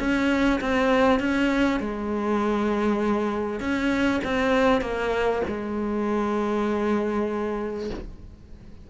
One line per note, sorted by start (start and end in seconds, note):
0.00 0.61 C#4
0.61 1.20 C4
1.20 1.80 C#4
1.80 3.61 G#3
3.61 4.21 C#4
4.25 4.82 C4
4.82 5.42 A#3
5.48 7.90 G#3